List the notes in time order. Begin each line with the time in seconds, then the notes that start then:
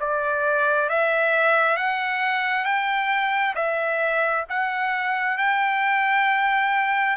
0.00 D5
0.89 E5
1.77 F#5
2.65 G5
3.55 E5
4.49 F#5
5.38 G5